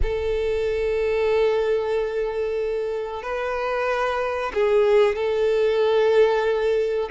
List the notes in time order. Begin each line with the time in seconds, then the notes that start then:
0.02 A4
3.23 B4
4.54 G#4
5.15 A4